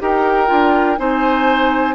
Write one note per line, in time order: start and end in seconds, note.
0.00 0.50 D#4
0.00 0.47 G4
0.00 0.99 A#4
0.00 0.99 G5
0.47 0.99 D4
0.47 0.97 F4
0.97 1.95 C4
0.97 1.95 D#4
0.97 1.95 C5
0.97 1.95 G#5